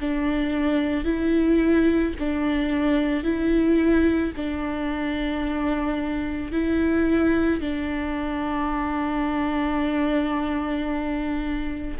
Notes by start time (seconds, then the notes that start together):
0.00 D4
1.04 E4
2.19 D4
3.23 E4
4.36 D4
6.52 E4
7.61 D4